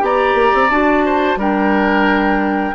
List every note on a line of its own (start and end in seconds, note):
0.00 0.34 B3
0.00 0.68 G4
0.00 1.05 D5
0.00 0.70 A#5
0.34 0.51 A#3
0.54 0.70 C4
0.70 1.37 D4
0.70 1.39 F#4
0.70 1.39 A5
1.05 1.39 C5
1.37 2.73 G3
1.37 2.75 D4
1.37 2.75 A#4
1.37 2.75 G5